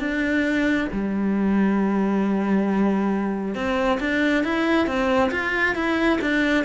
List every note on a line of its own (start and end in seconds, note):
0.00 0.88 D4
0.93 3.55 G3
3.55 3.99 C4
4.00 4.44 D4
4.44 4.87 E4
4.87 5.31 C4
5.32 5.76 F4
5.76 6.20 E4
6.22 6.65 D4